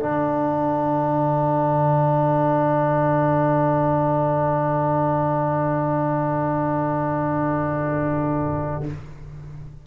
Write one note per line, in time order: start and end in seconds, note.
0.00 8.86 D3
0.00 8.84 D4
0.00 8.87 A4
0.00 8.84 F#5